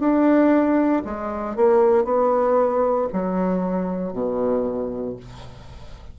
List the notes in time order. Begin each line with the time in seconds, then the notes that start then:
0.00 D4
1.05 G#3
1.57 A#3
2.05 B3
3.13 F#3
4.13 B2